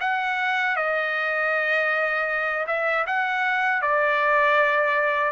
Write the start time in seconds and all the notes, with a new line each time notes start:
0.00 F#5
0.76 D#5
2.67 E5
3.06 F#5
3.81 D5